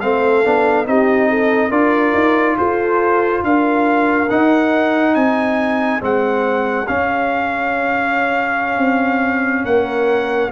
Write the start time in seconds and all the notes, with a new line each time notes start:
0.00 A3 C4 A4 F5
0.44 B3 D4
0.86 C4 D#4 G4 D#5
1.29 A4
1.69 D4 F4 A#4 D5
2.14 D#4
2.57 F4 A4 C5
3.43 D4 A#4 F5
4.29 D#4 F#5
5.15 C4 G#4 G#5
6.00 G#3 C4 F#5
6.87 C#4 F5
8.78 C4
9.65 A#3 A#4 F#5